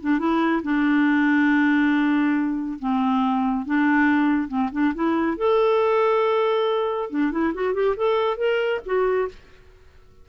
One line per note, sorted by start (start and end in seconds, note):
0.00 0.18 D4
0.18 0.61 E4
0.62 2.78 D4
2.79 3.65 C4
3.65 4.48 D4
4.48 4.69 C4
4.71 4.93 D4
4.94 5.37 E4
5.37 7.09 A4
7.10 7.31 D4
7.31 7.53 E4
7.54 7.74 F#4
7.74 7.95 G4
7.96 8.37 A4
8.37 8.80 A#4
8.85 9.28 F#4